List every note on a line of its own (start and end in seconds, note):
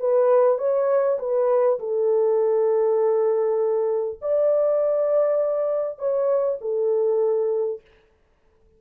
0.00 0.58 B4
0.58 1.18 C#5
1.19 1.79 B4
1.80 4.20 A4
4.22 5.99 D5
5.99 6.59 C#5
6.61 7.81 A4